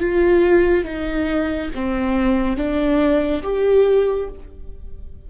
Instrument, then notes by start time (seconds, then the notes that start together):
viola
0.00 F4
0.85 D#4
1.75 C4
2.57 D4
3.43 G4